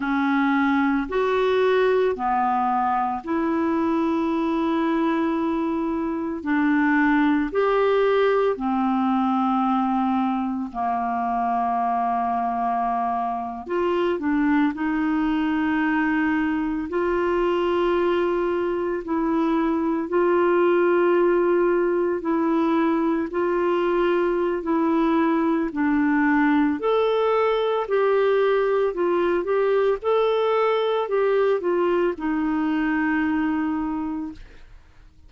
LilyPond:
\new Staff \with { instrumentName = "clarinet" } { \time 4/4 \tempo 4 = 56 cis'4 fis'4 b4 e'4~ | e'2 d'4 g'4 | c'2 ais2~ | ais8. f'8 d'8 dis'2 f'16~ |
f'4.~ f'16 e'4 f'4~ f'16~ | f'8. e'4 f'4~ f'16 e'4 | d'4 a'4 g'4 f'8 g'8 | a'4 g'8 f'8 dis'2 | }